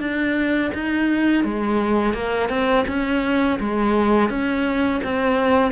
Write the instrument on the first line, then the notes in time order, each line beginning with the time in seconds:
cello
0.00 D4
0.74 D#4
1.44 G#3
2.14 A#3
2.50 C4
2.88 C#4
3.60 G#3
4.30 C#4
5.04 C4